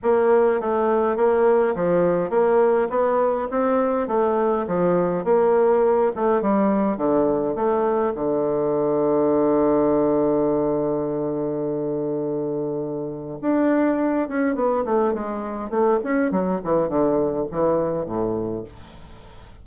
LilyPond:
\new Staff \with { instrumentName = "bassoon" } { \time 4/4 \tempo 4 = 103 ais4 a4 ais4 f4 | ais4 b4 c'4 a4 | f4 ais4. a8 g4 | d4 a4 d2~ |
d1~ | d2. d'4~ | d'8 cis'8 b8 a8 gis4 a8 cis'8 | fis8 e8 d4 e4 a,4 | }